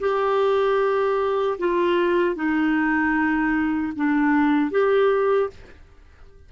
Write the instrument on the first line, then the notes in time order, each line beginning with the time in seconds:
clarinet
0.00 G4
1.59 F4
2.35 D#4
3.96 D4
4.71 G4